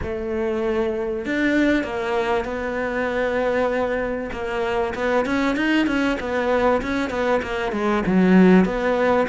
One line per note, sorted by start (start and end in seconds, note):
0.02 1.25 A3
1.25 1.83 D4
1.83 2.44 A#3
2.44 4.30 B3
4.32 4.94 A#3
4.95 5.25 B3
5.25 5.56 C#4
5.56 5.86 D#4
5.86 6.17 C#4
6.19 6.81 B3
6.82 7.10 C#4
7.10 7.41 B3
7.42 7.72 A#3
7.72 8.03 G#3
8.06 8.65 F#3
8.65 9.26 B3